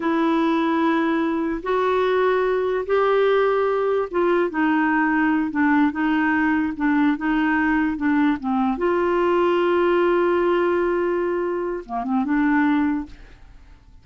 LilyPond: \new Staff \with { instrumentName = "clarinet" } { \time 4/4 \tempo 4 = 147 e'1 | fis'2. g'4~ | g'2 f'4 dis'4~ | dis'4. d'4 dis'4.~ |
dis'8 d'4 dis'2 d'8~ | d'8 c'4 f'2~ f'8~ | f'1~ | f'4 ais8 c'8 d'2 | }